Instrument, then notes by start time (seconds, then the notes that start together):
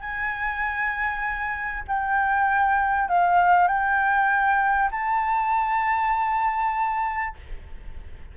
flute
0.00 G#5
1.88 G5
3.08 F5
3.68 G5
4.91 A5